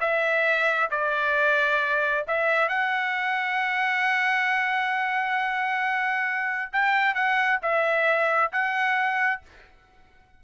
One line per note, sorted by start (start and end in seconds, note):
0.00 0.90 E5
0.90 2.25 D5
2.27 2.69 E5
2.69 6.72 F#5
6.72 7.14 G5
7.14 7.59 F#5
7.62 8.52 E5
8.52 9.42 F#5